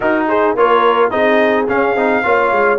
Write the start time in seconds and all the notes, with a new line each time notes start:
0.00 D#4 F#4 A#4
0.27 G#4 C5
0.54 A#3 F4 A#4 C#5
1.10 C4 D#4 G#4 D#5
1.68 C#4 F5
1.95 C4 D#4
2.23 A#3 F4 C#5
2.51 G#3